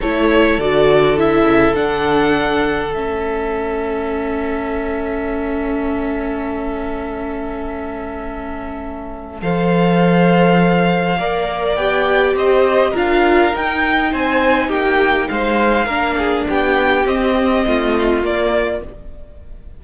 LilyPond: <<
  \new Staff \with { instrumentName = "violin" } { \time 4/4 \tempo 4 = 102 cis''4 d''4 e''4 fis''4~ | fis''4 e''2.~ | e''1~ | e''1 |
f''1 | g''4 dis''4 f''4 g''4 | gis''4 g''4 f''2 | g''4 dis''2 d''4 | }
  \new Staff \with { instrumentName = "violin" } { \time 4/4 a'1~ | a'1~ | a'1~ | a'1 |
c''2. d''4~ | d''4 c''4 ais'2 | c''4 g'4 c''4 ais'8 gis'8 | g'2 f'2 | }
  \new Staff \with { instrumentName = "viola" } { \time 4/4 e'4 fis'4 e'4 d'4~ | d'4 cis'2.~ | cis'1~ | cis'1 |
a'2. ais'4 | g'2 f'4 dis'4~ | dis'2. d'4~ | d'4 c'2 ais4 | }
  \new Staff \with { instrumentName = "cello" } { \time 4/4 a4 d4. cis8 d4~ | d4 a2.~ | a1~ | a1 |
f2. ais4 | b4 c'4 d'4 dis'4 | c'4 ais4 gis4 ais4 | b4 c'4 a4 ais4 | }
>>